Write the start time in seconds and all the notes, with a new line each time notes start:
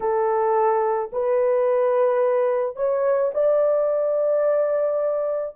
0.00 A4
1.12 B4
2.76 C#5
3.34 D5